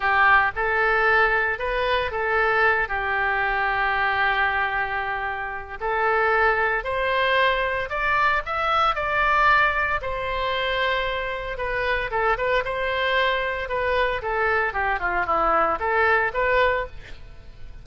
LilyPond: \new Staff \with { instrumentName = "oboe" } { \time 4/4 \tempo 4 = 114 g'4 a'2 b'4 | a'4. g'2~ g'8~ | g'2. a'4~ | a'4 c''2 d''4 |
e''4 d''2 c''4~ | c''2 b'4 a'8 b'8 | c''2 b'4 a'4 | g'8 f'8 e'4 a'4 b'4 | }